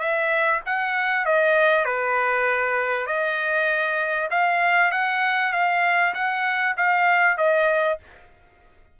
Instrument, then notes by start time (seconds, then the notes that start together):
trumpet
0.00 E5
0.66 F#5
1.26 D#5
1.85 B4
3.07 D#5
4.31 F5
4.92 F#5
5.53 F5
6.15 F#5
6.77 F5
7.38 D#5